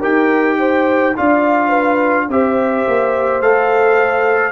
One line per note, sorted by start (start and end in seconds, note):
0.00 1.17 D#4
0.00 1.15 G4
0.00 0.57 A#4
0.00 1.17 G5
0.59 1.16 C5
1.16 2.29 D4
1.16 2.29 F4
1.16 1.69 D5
1.16 2.31 F5
1.69 2.26 B4
2.29 2.86 C4
2.29 3.42 G4
2.29 4.52 C5
2.29 3.42 E5
2.87 3.41 A#3
3.41 4.52 A3
3.41 4.52 A4
3.41 4.52 F5